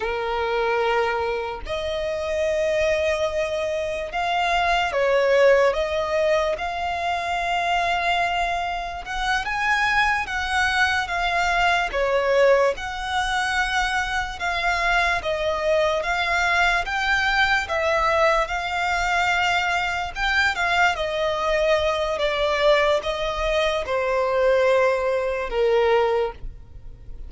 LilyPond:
\new Staff \with { instrumentName = "violin" } { \time 4/4 \tempo 4 = 73 ais'2 dis''2~ | dis''4 f''4 cis''4 dis''4 | f''2. fis''8 gis''8~ | gis''8 fis''4 f''4 cis''4 fis''8~ |
fis''4. f''4 dis''4 f''8~ | f''8 g''4 e''4 f''4.~ | f''8 g''8 f''8 dis''4. d''4 | dis''4 c''2 ais'4 | }